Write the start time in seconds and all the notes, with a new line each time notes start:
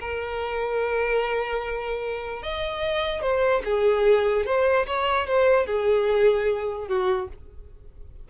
0.00 A#4
2.43 D#5
3.22 C5
3.64 G#4
4.46 C5
4.86 C#5
5.27 C5
5.66 G#4
6.88 F#4